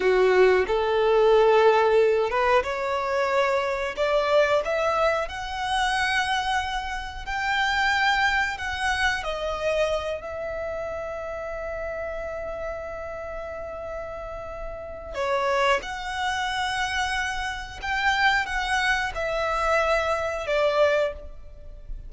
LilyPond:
\new Staff \with { instrumentName = "violin" } { \time 4/4 \tempo 4 = 91 fis'4 a'2~ a'8 b'8 | cis''2 d''4 e''4 | fis''2. g''4~ | g''4 fis''4 dis''4. e''8~ |
e''1~ | e''2. cis''4 | fis''2. g''4 | fis''4 e''2 d''4 | }